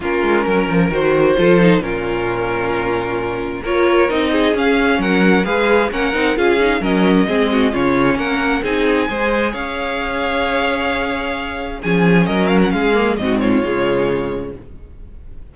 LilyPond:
<<
  \new Staff \with { instrumentName = "violin" } { \time 4/4 \tempo 4 = 132 ais'2 c''2 | ais'1 | cis''4 dis''4 f''4 fis''4 | f''4 fis''4 f''4 dis''4~ |
dis''4 cis''4 fis''4 gis''4~ | gis''4 f''2.~ | f''2 gis''4 dis''8 f''16 fis''16 | f''4 dis''8 cis''2~ cis''8 | }
  \new Staff \with { instrumentName = "violin" } { \time 4/4 f'4 ais'2 a'4 | f'1 | ais'4. gis'4. ais'4 | b'4 ais'4 gis'4 ais'4 |
gis'8 fis'8 f'4 ais'4 gis'4 | c''4 cis''2.~ | cis''2 gis'4 ais'4 | gis'4 fis'8 f'2~ f'8 | }
  \new Staff \with { instrumentName = "viola" } { \time 4/4 cis'2 fis'4 f'8 dis'8 | cis'1 | f'4 dis'4 cis'2 | gis'4 cis'8 dis'8 f'8 dis'8 cis'4 |
c'4 cis'2 dis'4 | gis'1~ | gis'2 cis'2~ | cis'8 ais8 c'4 gis2 | }
  \new Staff \with { instrumentName = "cello" } { \time 4/4 ais8 gis8 fis8 f8 dis4 f4 | ais,1 | ais4 c'4 cis'4 fis4 | gis4 ais8 c'8 cis'4 fis4 |
gis4 cis4 ais4 c'4 | gis4 cis'2.~ | cis'2 f4 fis4 | gis4 gis,4 cis2 | }
>>